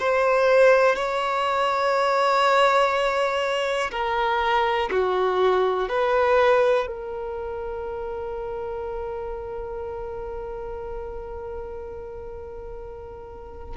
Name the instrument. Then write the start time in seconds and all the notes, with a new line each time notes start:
violin
0.00 C5
0.96 C#5
3.91 A#4
4.91 F#4
5.89 B4
6.87 A#4